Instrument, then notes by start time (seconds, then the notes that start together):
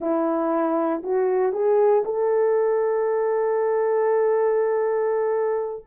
horn
0.00 E4
1.03 F#4
1.52 G#4
2.04 A4